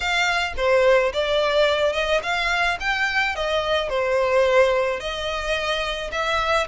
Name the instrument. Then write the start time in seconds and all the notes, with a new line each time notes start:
violin
0.00 F5
0.56 C5
1.13 D5
1.92 D#5
2.22 F5
2.80 G5
3.35 D#5
3.89 C5
4.99 D#5
6.11 E5